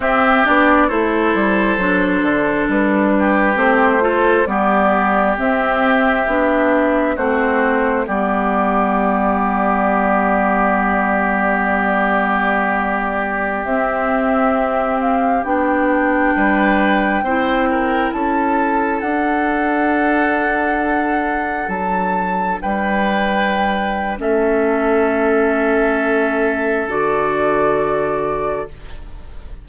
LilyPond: <<
  \new Staff \with { instrumentName = "flute" } { \time 4/4 \tempo 4 = 67 e''8 d''8 c''2 b'4 | c''4 d''4 e''2 | c''4 d''2.~ | d''2.~ d''16 e''8.~ |
e''8. f''8 g''2~ g''8.~ | g''16 a''4 fis''2~ fis''8.~ | fis''16 a''4 g''4.~ g''16 e''4~ | e''2 d''2 | }
  \new Staff \with { instrumentName = "oboe" } { \time 4/4 g'4 a'2~ a'8 g'8~ | g'8 a'8 g'2. | fis'4 g'2.~ | g'1~ |
g'2~ g'16 b'4 c''8 ais'16~ | ais'16 a'2.~ a'8.~ | a'4~ a'16 b'4.~ b'16 a'4~ | a'1 | }
  \new Staff \with { instrumentName = "clarinet" } { \time 4/4 c'8 d'8 e'4 d'2 | c'8 f'8 b4 c'4 d'4 | c'4 b2.~ | b2.~ b16 c'8.~ |
c'4~ c'16 d'2 e'8.~ | e'4~ e'16 d'2~ d'8.~ | d'2. cis'4~ | cis'2 fis'2 | }
  \new Staff \with { instrumentName = "bassoon" } { \time 4/4 c'8 b8 a8 g8 fis8 d8 g4 | a4 g4 c'4 b4 | a4 g2.~ | g2.~ g16 c'8.~ |
c'4~ c'16 b4 g4 c'8.~ | c'16 cis'4 d'2~ d'8.~ | d'16 fis4 g4.~ g16 a4~ | a2 d2 | }
>>